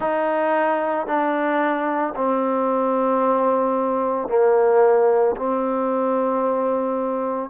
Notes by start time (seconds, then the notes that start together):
0.00 D#4
1.07 D4
2.15 C4
4.28 A#3
5.36 C4